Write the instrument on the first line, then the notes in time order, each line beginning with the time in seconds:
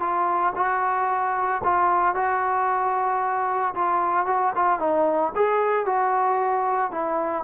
trombone
0.00 F4
0.56 F#4
1.64 F4
2.15 F#4
3.75 F4
4.26 F#4
4.56 F4
4.80 D#4
5.35 G#4
5.86 F#4
6.91 E4